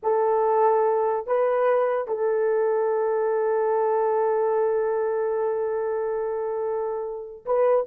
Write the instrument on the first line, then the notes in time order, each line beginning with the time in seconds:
horn
0.02 A4
1.26 B4
2.07 A4
7.45 B4